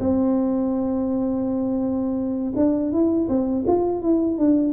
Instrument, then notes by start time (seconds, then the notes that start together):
tuba
0.00 C4
2.56 D4
2.92 E4
3.29 C4
3.67 F4
4.02 E4
4.38 D4